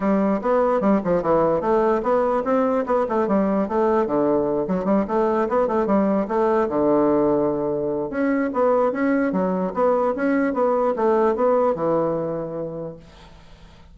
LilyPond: \new Staff \with { instrumentName = "bassoon" } { \time 4/4 \tempo 4 = 148 g4 b4 g8 f8 e4 | a4 b4 c'4 b8 a8 | g4 a4 d4. fis8 | g8 a4 b8 a8 g4 a8~ |
a8 d2.~ d8 | cis'4 b4 cis'4 fis4 | b4 cis'4 b4 a4 | b4 e2. | }